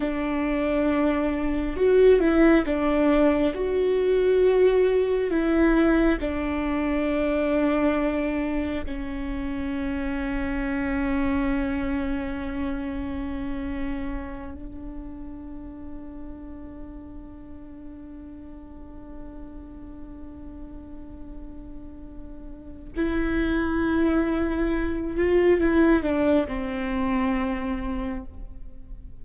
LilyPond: \new Staff \with { instrumentName = "viola" } { \time 4/4 \tempo 4 = 68 d'2 fis'8 e'8 d'4 | fis'2 e'4 d'4~ | d'2 cis'2~ | cis'1~ |
cis'8 d'2.~ d'8~ | d'1~ | d'2 e'2~ | e'8 f'8 e'8 d'8 c'2 | }